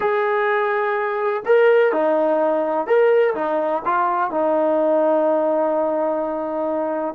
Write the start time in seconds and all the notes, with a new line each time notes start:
0.00 G#4
1.45 A#4
1.92 D#4
2.86 A#4
3.34 D#4
3.85 F4
4.30 D#4